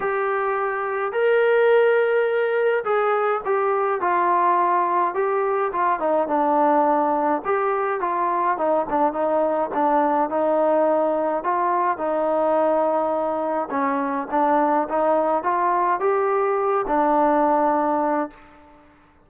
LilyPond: \new Staff \with { instrumentName = "trombone" } { \time 4/4 \tempo 4 = 105 g'2 ais'2~ | ais'4 gis'4 g'4 f'4~ | f'4 g'4 f'8 dis'8 d'4~ | d'4 g'4 f'4 dis'8 d'8 |
dis'4 d'4 dis'2 | f'4 dis'2. | cis'4 d'4 dis'4 f'4 | g'4. d'2~ d'8 | }